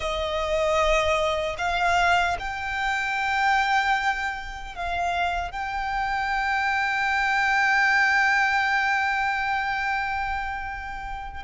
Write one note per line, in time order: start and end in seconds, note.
0.00 1.56 D#5
1.58 2.36 F5
2.39 4.75 G5
4.75 5.51 F5
5.51 11.43 G5